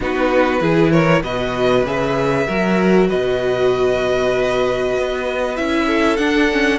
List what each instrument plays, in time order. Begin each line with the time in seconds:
0.00 cello B3, viola D#4, violin F#4 B4
0.60 cello E3, viola E4, violin G#4
0.91 violin A#4 C#5
1.23 cello B2, viola F#4, violin B4 D#5
1.84 cello C#3, viola G#4, violin E5
2.47 cello F#3, viola F#4, violin A#4
3.07 cello B2, violin B4 D#5
4.97 cello B3
5.56 cello C#4, viola E4, violin E5
5.86 violin A4
6.16 viola D4, cello D4, violin F#5
6.51 viola C#4